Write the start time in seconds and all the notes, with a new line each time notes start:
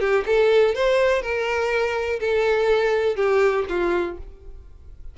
0.00 G4
0.26 A4
0.75 C5
1.22 A#4
2.20 A4
3.16 G4
3.69 F4